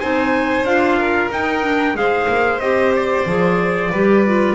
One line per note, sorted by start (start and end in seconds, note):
0.00 0.64 C4
0.00 0.66 D#4
0.00 0.99 C5
0.00 0.65 G#5
0.64 1.29 D4
0.64 1.31 F4
0.64 1.31 F5
0.99 1.96 A#4
1.31 1.95 D#4
1.31 1.62 D#4
1.31 1.97 G5
1.62 1.95 D4
1.95 2.27 G#3
1.95 2.60 G#4
1.95 3.91 C5
1.95 2.60 F5
2.28 2.60 A#3
2.60 3.25 C4
2.60 3.27 G4
2.60 2.93 D#5
2.96 4.56 D5
3.26 3.91 F3
3.26 3.93 G#4
3.91 4.56 G3
3.91 4.26 G4
3.91 4.56 B4
4.26 4.56 F4